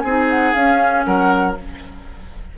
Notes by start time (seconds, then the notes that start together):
0.00 C4 G#4 G#5
0.06 D#4
0.30 F#5
0.54 C#4 F5
1.05 F#3 A#4 F#5